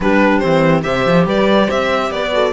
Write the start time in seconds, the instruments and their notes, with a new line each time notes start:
0.00 cello G3, clarinet D4, horn G4, violin B4
0.38 cello E3, clarinet C4, violin C5
0.82 cello C3, clarinet G4, horn C5, violin E5
1.06 cello F3
1.26 cello G3, horn B4, violin D5
1.66 cello C4, horn C5, violin E5
2.10 cello B3, horn B4, violin D5
2.31 clarinet F#4, horn A4